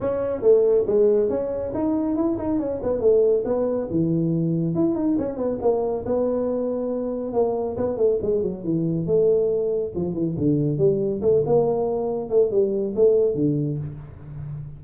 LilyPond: \new Staff \with { instrumentName = "tuba" } { \time 4/4 \tempo 4 = 139 cis'4 a4 gis4 cis'4 | dis'4 e'8 dis'8 cis'8 b8 a4 | b4 e2 e'8 dis'8 | cis'8 b8 ais4 b2~ |
b4 ais4 b8 a8 gis8 fis8 | e4 a2 f8 e8 | d4 g4 a8 ais4.~ | ais8 a8 g4 a4 d4 | }